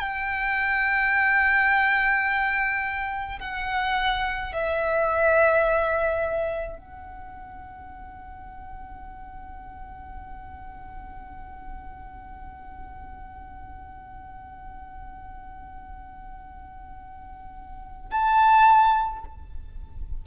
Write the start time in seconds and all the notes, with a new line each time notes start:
0.00 G5
3.40 F#5
4.53 E5
6.79 F#5
18.12 A5